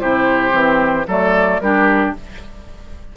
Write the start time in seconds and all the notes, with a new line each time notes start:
0.00 C3 E4 G4 C5
0.51 E3 C4
1.07 F#3 A3 A4 D5
1.60 G3 D4 G4 A#4